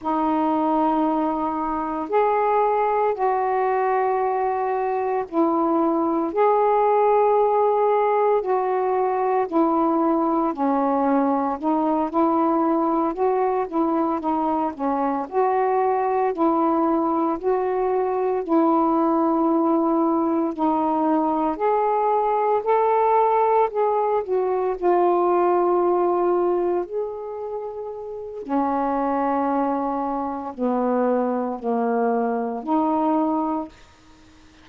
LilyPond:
\new Staff \with { instrumentName = "saxophone" } { \time 4/4 \tempo 4 = 57 dis'2 gis'4 fis'4~ | fis'4 e'4 gis'2 | fis'4 e'4 cis'4 dis'8 e'8~ | e'8 fis'8 e'8 dis'8 cis'8 fis'4 e'8~ |
e'8 fis'4 e'2 dis'8~ | dis'8 gis'4 a'4 gis'8 fis'8 f'8~ | f'4. gis'4. cis'4~ | cis'4 b4 ais4 dis'4 | }